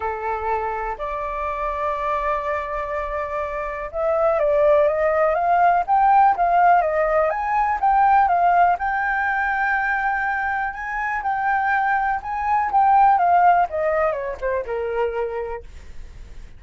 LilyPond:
\new Staff \with { instrumentName = "flute" } { \time 4/4 \tempo 4 = 123 a'2 d''2~ | d''1 | e''4 d''4 dis''4 f''4 | g''4 f''4 dis''4 gis''4 |
g''4 f''4 g''2~ | g''2 gis''4 g''4~ | g''4 gis''4 g''4 f''4 | dis''4 cis''8 c''8 ais'2 | }